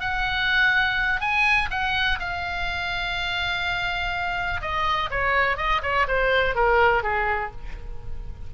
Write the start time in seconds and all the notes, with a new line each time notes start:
0.00 F#5
1.20 G#5
1.70 F#5
2.19 F5
4.61 D#5
5.10 C#5
5.57 D#5
5.82 C#5
6.07 C5
6.55 A#4
7.03 G#4